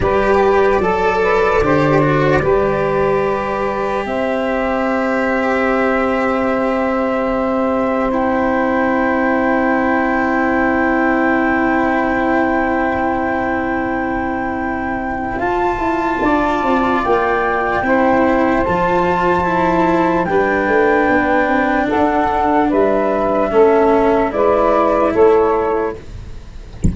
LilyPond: <<
  \new Staff \with { instrumentName = "flute" } { \time 4/4 \tempo 4 = 74 d''1~ | d''4 e''2.~ | e''2 g''2~ | g''1~ |
g''2. a''4~ | a''4 g''2 a''4~ | a''4 g''2 fis''4 | e''2 d''4 cis''4 | }
  \new Staff \with { instrumentName = "saxophone" } { \time 4/4 b'4 a'8 b'8 c''4 b'4~ | b'4 c''2.~ | c''1~ | c''1~ |
c''1 | d''2 c''2~ | c''4 b'2 a'4 | b'4 a'4 b'4 a'4 | }
  \new Staff \with { instrumentName = "cello" } { \time 4/4 g'4 a'4 g'8 fis'8 g'4~ | g'1~ | g'2 e'2~ | e'1~ |
e'2. f'4~ | f'2 e'4 f'4 | e'4 d'2.~ | d'4 cis'4 e'2 | }
  \new Staff \with { instrumentName = "tuba" } { \time 4/4 g4 fis4 d4 g4~ | g4 c'2.~ | c'1~ | c'1~ |
c'2. f'8 e'8 | d'8 c'8 ais4 c'4 f4~ | f4 g8 a8 b8 c'8 d'4 | g4 a4 gis4 a4 | }
>>